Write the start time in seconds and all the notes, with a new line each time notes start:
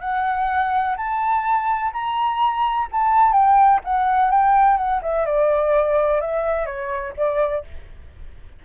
0.00 F#5
0.97 A5
1.93 A#5
2.92 A5
3.32 G5
3.84 F#5
4.31 G5
4.77 F#5
5.02 E5
5.25 D5
6.21 E5
6.66 C#5
7.17 D5